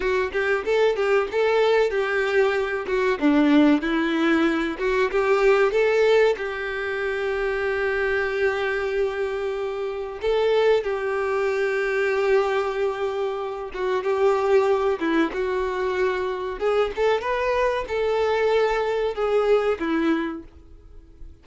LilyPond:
\new Staff \with { instrumentName = "violin" } { \time 4/4 \tempo 4 = 94 fis'8 g'8 a'8 g'8 a'4 g'4~ | g'8 fis'8 d'4 e'4. fis'8 | g'4 a'4 g'2~ | g'1 |
a'4 g'2.~ | g'4. fis'8 g'4. e'8 | fis'2 gis'8 a'8 b'4 | a'2 gis'4 e'4 | }